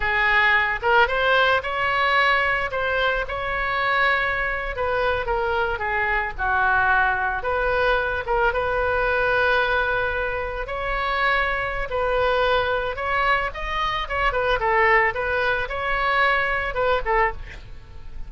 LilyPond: \new Staff \with { instrumentName = "oboe" } { \time 4/4 \tempo 4 = 111 gis'4. ais'8 c''4 cis''4~ | cis''4 c''4 cis''2~ | cis''8. b'4 ais'4 gis'4 fis'16~ | fis'4.~ fis'16 b'4. ais'8 b'16~ |
b'2.~ b'8. cis''16~ | cis''2 b'2 | cis''4 dis''4 cis''8 b'8 a'4 | b'4 cis''2 b'8 a'8 | }